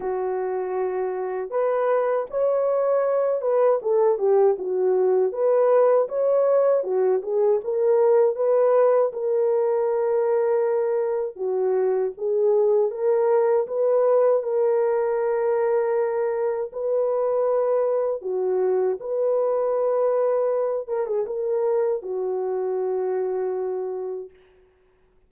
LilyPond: \new Staff \with { instrumentName = "horn" } { \time 4/4 \tempo 4 = 79 fis'2 b'4 cis''4~ | cis''8 b'8 a'8 g'8 fis'4 b'4 | cis''4 fis'8 gis'8 ais'4 b'4 | ais'2. fis'4 |
gis'4 ais'4 b'4 ais'4~ | ais'2 b'2 | fis'4 b'2~ b'8 ais'16 gis'16 | ais'4 fis'2. | }